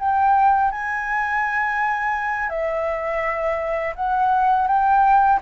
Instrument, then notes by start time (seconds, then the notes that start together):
flute
0.00 G5
0.72 G#5
2.50 E5
3.96 F#5
4.68 G5